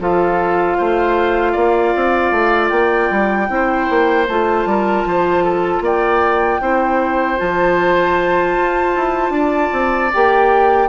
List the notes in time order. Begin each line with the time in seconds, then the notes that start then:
0.00 F3 F4 A4 F5
0.78 A3 C5
1.52 A#3 D5
1.96 C4
2.32 A3
2.69 A#3 G5
3.11 G3
3.49 C4 E4
3.55 C5
3.90 A#3
4.28 A3 F4 A5
4.66 G3 A#4
5.06 F3 C5
5.44 A4
5.81 A#3 D5 G5
6.62 C4 E4 C5
7.38 F3 F4 A5
8.58 F4
8.96 E4
9.30 D4 D5
9.73 C4
10.14 A#3 G4 G5